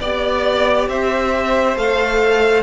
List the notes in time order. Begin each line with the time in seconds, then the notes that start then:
0.00 B3 G4 D5
0.88 C4 C5 E5
1.76 A3 A4 F5